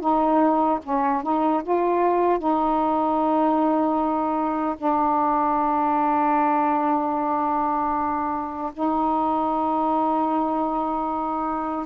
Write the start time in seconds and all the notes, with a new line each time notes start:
0.00 D#4
0.83 C#4
1.23 D#4
1.63 F4
2.39 D#4
4.77 D4
8.73 D#4